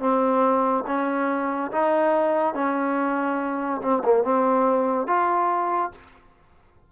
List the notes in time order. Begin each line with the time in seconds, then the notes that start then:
0.00 C4
0.87 C#4
1.72 D#4
2.55 C#4
3.82 C4
4.04 A#3
4.24 C4
5.08 F4